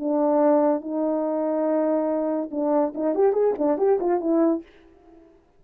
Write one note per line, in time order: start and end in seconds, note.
0.00 0.81 D4
0.81 2.50 D#4
2.52 2.94 D4
2.95 3.16 D#4
3.16 3.33 G4
3.33 3.54 G#4
3.59 3.78 D4
3.78 3.99 G4
4.01 4.21 F4
4.21 4.63 E4